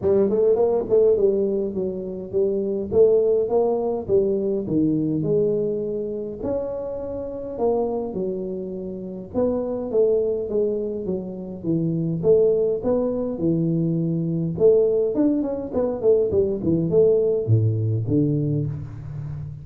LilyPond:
\new Staff \with { instrumentName = "tuba" } { \time 4/4 \tempo 4 = 103 g8 a8 ais8 a8 g4 fis4 | g4 a4 ais4 g4 | dis4 gis2 cis'4~ | cis'4 ais4 fis2 |
b4 a4 gis4 fis4 | e4 a4 b4 e4~ | e4 a4 d'8 cis'8 b8 a8 | g8 e8 a4 a,4 d4 | }